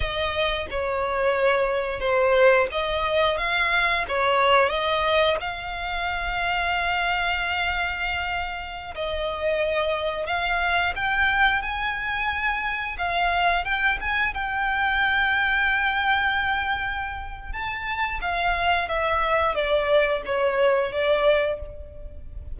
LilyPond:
\new Staff \with { instrumentName = "violin" } { \time 4/4 \tempo 4 = 89 dis''4 cis''2 c''4 | dis''4 f''4 cis''4 dis''4 | f''1~ | f''4~ f''16 dis''2 f''8.~ |
f''16 g''4 gis''2 f''8.~ | f''16 g''8 gis''8 g''2~ g''8.~ | g''2 a''4 f''4 | e''4 d''4 cis''4 d''4 | }